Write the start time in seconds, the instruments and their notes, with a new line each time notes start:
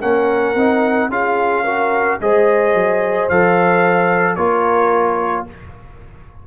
0.00 tuba A#3, trombone C#4, horn A#4, trumpet F#5
0.55 tuba C4, trombone D#4
1.10 tuba C#4, trombone F4, horn G#4, trumpet F5
1.64 trombone F#4, horn A#4
2.21 tuba G#3, trombone G#4, horn C5, trumpet D#5
2.74 tuba F#3
3.30 tuba F3, trombone A4, trumpet F5
4.36 tuba A#3, trombone F4, horn A#4, trumpet C#5